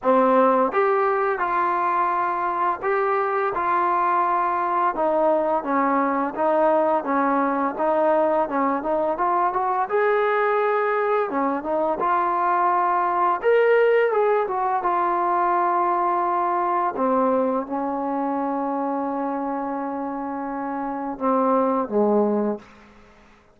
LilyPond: \new Staff \with { instrumentName = "trombone" } { \time 4/4 \tempo 4 = 85 c'4 g'4 f'2 | g'4 f'2 dis'4 | cis'4 dis'4 cis'4 dis'4 | cis'8 dis'8 f'8 fis'8 gis'2 |
cis'8 dis'8 f'2 ais'4 | gis'8 fis'8 f'2. | c'4 cis'2.~ | cis'2 c'4 gis4 | }